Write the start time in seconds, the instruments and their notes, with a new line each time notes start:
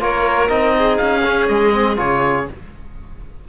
0.00 cello A#3, trombone F4, violin A#4, oboe C#5
0.48 cello C4, trombone D#4, oboe D#5
0.78 violin G#4
0.97 cello C#4, oboe F5
1.25 trombone C#4
1.48 cello G#3, oboe D#5
1.72 trombone C4
1.97 cello C#3, trombone F4, oboe C#5